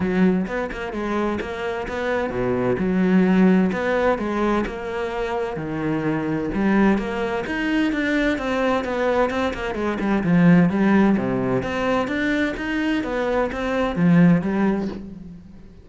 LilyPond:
\new Staff \with { instrumentName = "cello" } { \time 4/4 \tempo 4 = 129 fis4 b8 ais8 gis4 ais4 | b4 b,4 fis2 | b4 gis4 ais2 | dis2 g4 ais4 |
dis'4 d'4 c'4 b4 | c'8 ais8 gis8 g8 f4 g4 | c4 c'4 d'4 dis'4 | b4 c'4 f4 g4 | }